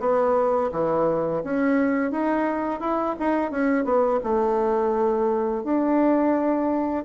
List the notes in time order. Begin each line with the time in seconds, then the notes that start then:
0.00 B3
0.72 E3
1.44 C#4
2.11 D#4
2.80 E4
3.20 D#4
3.51 C#4
3.85 B3
4.24 A3
5.64 D4